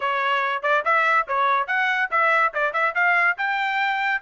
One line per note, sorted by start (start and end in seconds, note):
0.00 0.62 C#5
0.62 0.83 D5
0.85 1.27 E5
1.27 1.67 C#5
1.67 2.09 F#5
2.10 2.53 E5
2.53 2.73 D5
2.73 2.94 E5
2.94 3.37 F5
3.37 4.22 G5